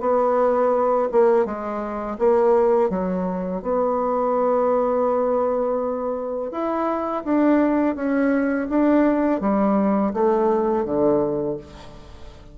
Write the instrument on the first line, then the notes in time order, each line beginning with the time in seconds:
bassoon
0.00 B3
1.12 A#3
1.45 G#3
2.19 A#3
2.90 F#3
3.62 B3
6.52 E4
7.24 D4
7.95 C#4
8.69 D4
9.40 G3
10.14 A3
10.85 D3